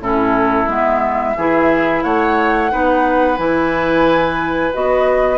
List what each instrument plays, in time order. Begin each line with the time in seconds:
0.00 bassoon A2, clarinet C#4, oboe E4, flute A4
0.67 bassoon G#3, clarinet B3, flute E5
1.36 bassoon E3, clarinet E4, oboe G#4
2.03 bassoon A3, oboe C#5, flute F#5
2.70 bassoon B3, clarinet D#4, oboe B4
3.37 bassoon E3, clarinet E4, flute G#5
4.74 bassoon B3, clarinet F#4, flute D#5